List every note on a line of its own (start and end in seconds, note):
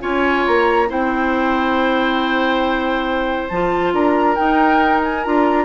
0.00 0.45 C#4
0.00 0.87 F4
0.00 0.88 C#5
0.00 0.45 G#5
0.46 0.90 A#3
0.46 0.90 A#5
0.88 3.50 C4
0.88 3.49 E4
0.88 3.93 C5
0.88 3.48 G5
3.48 3.92 F3
3.48 4.36 F4
3.48 3.92 A5
3.92 4.36 D4
3.92 5.64 A#4
3.92 4.35 A#5
4.35 5.22 D#4
4.35 5.26 D#4
4.35 5.00 G5
5.03 5.24 G#5
5.24 5.64 D4
5.24 5.64 F4
5.24 5.64 A#5